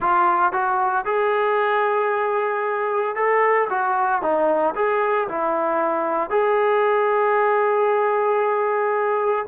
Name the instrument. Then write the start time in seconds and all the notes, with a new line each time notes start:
trombone
0.00 F4
0.52 F#4
1.05 G#4
3.15 A4
3.69 F#4
4.22 D#4
4.75 G#4
5.28 E4
6.30 G#4